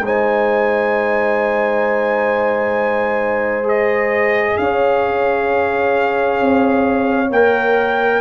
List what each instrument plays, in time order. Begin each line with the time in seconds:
0.00 tuba G#3, trombone D#4, horn C5, trumpet G#5
3.63 trombone G#4, trumpet D#5
4.57 tuba C#4, horn C#5, trumpet F5
6.40 tuba C4
7.30 tuba A#3, trombone A#4, trumpet G5